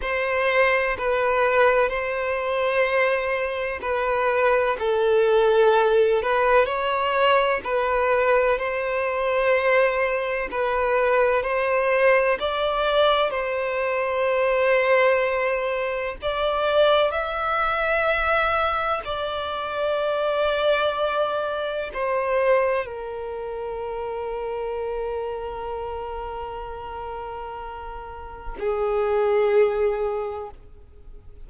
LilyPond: \new Staff \with { instrumentName = "violin" } { \time 4/4 \tempo 4 = 63 c''4 b'4 c''2 | b'4 a'4. b'8 cis''4 | b'4 c''2 b'4 | c''4 d''4 c''2~ |
c''4 d''4 e''2 | d''2. c''4 | ais'1~ | ais'2 gis'2 | }